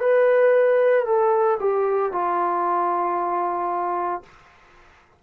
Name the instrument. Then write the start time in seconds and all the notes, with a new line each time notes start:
trombone
0.00 B4
1.05 A4
1.59 G4
2.12 F4